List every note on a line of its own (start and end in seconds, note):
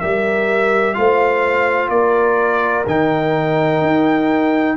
0.00 0.97 G3
0.00 0.94 G4
0.00 0.96 A#4
0.00 0.94 E5
0.94 1.89 A3
0.94 2.84 F4
0.94 1.91 C5
0.94 1.89 F5
1.89 2.85 A#3
1.89 4.76 A#4
1.89 2.85 D5
2.86 3.81 D#3
2.86 4.76 D#4
2.86 4.76 G5
3.81 4.76 D#4